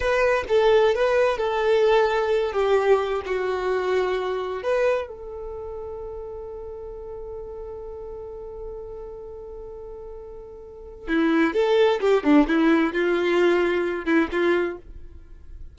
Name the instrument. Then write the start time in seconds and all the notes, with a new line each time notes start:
violin
0.00 B4
0.48 A4
0.94 B4
1.37 A4
2.53 G4
3.25 F#4
4.63 B4
5.08 A4
11.07 E4
11.53 A4
12.00 G4
12.23 D4
12.47 E4
12.93 F4
14.05 E4
14.31 F4